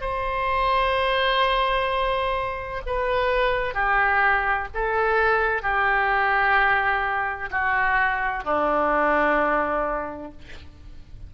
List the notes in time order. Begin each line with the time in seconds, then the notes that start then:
0.00 C5
2.86 B4
3.74 G4
4.74 A4
5.62 G4
7.50 F#4
8.44 D4